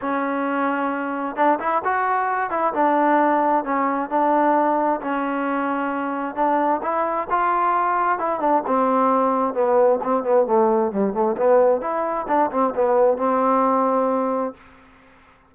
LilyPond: \new Staff \with { instrumentName = "trombone" } { \time 4/4 \tempo 4 = 132 cis'2. d'8 e'8 | fis'4. e'8 d'2 | cis'4 d'2 cis'4~ | cis'2 d'4 e'4 |
f'2 e'8 d'8 c'4~ | c'4 b4 c'8 b8 a4 | g8 a8 b4 e'4 d'8 c'8 | b4 c'2. | }